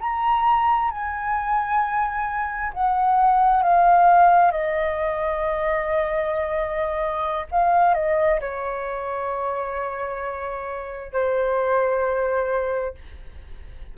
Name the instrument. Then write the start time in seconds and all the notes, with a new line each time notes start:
flute
0.00 A#5
0.90 G#5
2.73 F#5
3.62 F5
4.51 D#5
7.51 F5
7.94 D#5
8.40 C#5
11.12 C5